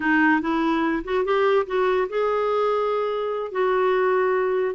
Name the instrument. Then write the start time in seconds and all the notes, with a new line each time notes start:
clarinet
0.00 D#4
0.41 E4
1.04 F#4
1.24 G4
1.66 F#4
2.09 G#4
3.51 F#4